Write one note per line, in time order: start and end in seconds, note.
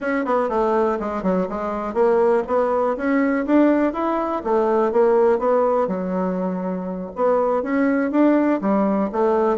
0.00 0.25 C#4
0.25 0.49 B3
0.49 0.98 A3
0.99 1.22 G#3
1.22 1.47 F#3
1.49 1.94 G#3
1.94 2.43 A#3
2.47 2.96 B3
2.96 3.45 C#4
3.46 3.93 D4
3.93 4.42 E4
4.44 4.92 A3
4.92 5.38 A#3
5.38 5.87 B3
5.87 7.10 F#3
7.15 7.63 B3
7.63 8.11 C#4
8.11 8.60 D4
8.61 9.10 G3
9.11 9.58 A3